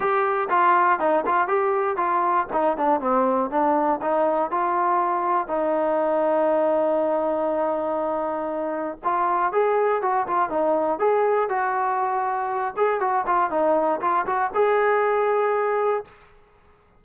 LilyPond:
\new Staff \with { instrumentName = "trombone" } { \time 4/4 \tempo 4 = 120 g'4 f'4 dis'8 f'8 g'4 | f'4 dis'8 d'8 c'4 d'4 | dis'4 f'2 dis'4~ | dis'1~ |
dis'2 f'4 gis'4 | fis'8 f'8 dis'4 gis'4 fis'4~ | fis'4. gis'8 fis'8 f'8 dis'4 | f'8 fis'8 gis'2. | }